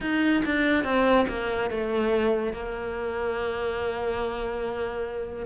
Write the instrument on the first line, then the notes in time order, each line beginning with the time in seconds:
cello
0.00 D#4
0.45 D4
0.83 C4
1.28 A#3
1.70 A3
2.52 A#3